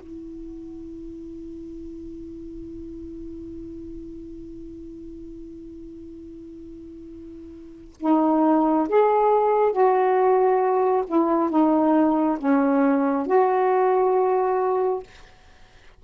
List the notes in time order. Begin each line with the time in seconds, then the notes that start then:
0.00 E4
8.00 D#4
8.89 G#4
9.72 F#4
11.07 E4
11.50 D#4
12.39 C#4
13.27 F#4